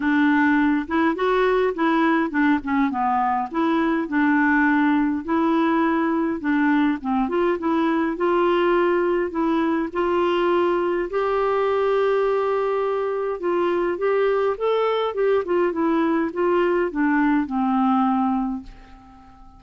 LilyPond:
\new Staff \with { instrumentName = "clarinet" } { \time 4/4 \tempo 4 = 103 d'4. e'8 fis'4 e'4 | d'8 cis'8 b4 e'4 d'4~ | d'4 e'2 d'4 | c'8 f'8 e'4 f'2 |
e'4 f'2 g'4~ | g'2. f'4 | g'4 a'4 g'8 f'8 e'4 | f'4 d'4 c'2 | }